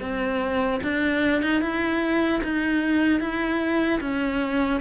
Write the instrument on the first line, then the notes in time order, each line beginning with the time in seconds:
cello
0.00 C4
0.83 D4
1.42 D#4
1.61 E4
2.43 D#4
3.20 E4
4.01 C#4